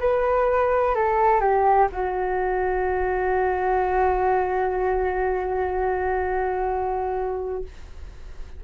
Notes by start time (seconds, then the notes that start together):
0.00 B4
0.95 A4
1.41 G4
1.92 F#4